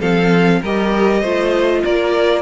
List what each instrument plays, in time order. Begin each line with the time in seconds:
0.00 cello F3, viola C4, violin A4 F5
0.62 cello G3, viola G4, violin A#4 D#5
1.21 cello A3, viola F4, violin C5
1.84 cello A#3, violin A#4 D5